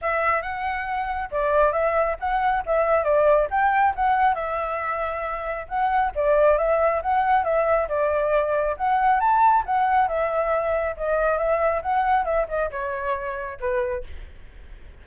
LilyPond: \new Staff \with { instrumentName = "flute" } { \time 4/4 \tempo 4 = 137 e''4 fis''2 d''4 | e''4 fis''4 e''4 d''4 | g''4 fis''4 e''2~ | e''4 fis''4 d''4 e''4 |
fis''4 e''4 d''2 | fis''4 a''4 fis''4 e''4~ | e''4 dis''4 e''4 fis''4 | e''8 dis''8 cis''2 b'4 | }